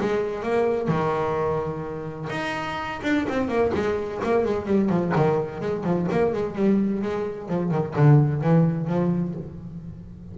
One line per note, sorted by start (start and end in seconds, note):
0.00 0.43 G#3
0.43 0.88 A#3
0.88 2.28 D#3
2.29 3.00 D#4
3.03 3.26 D4
3.28 3.48 C4
3.48 3.71 A#3
3.74 4.20 G#3
4.23 4.44 A#3
4.44 4.66 G#3
4.66 4.89 G3
4.89 5.12 F3
5.15 5.60 D#3
5.60 5.83 G#3
5.83 6.07 F3
6.11 6.33 A#3
6.33 6.55 G#3
6.55 7.02 G3
7.02 7.48 G#3
7.48 7.71 F3
7.71 7.94 D#3
7.95 8.41 D3
8.41 8.87 E3
8.87 9.34 F3